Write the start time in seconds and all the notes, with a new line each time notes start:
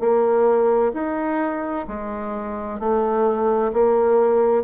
0.00 A#3
0.94 D#4
1.88 G#3
2.80 A3
3.73 A#3